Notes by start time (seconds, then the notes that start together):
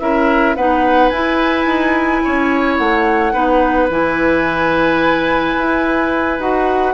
0.00 C#4 E4 A#4 E5
0.56 B3 D#4 B4 F#5
1.09 E4 G#5
1.66 D#4
2.24 C#4 C#5
2.77 A3 F#5
3.33 B3 D#4 B4
3.89 E3 E4 G#5
5.57 E4
6.39 D#4 F#4 F#5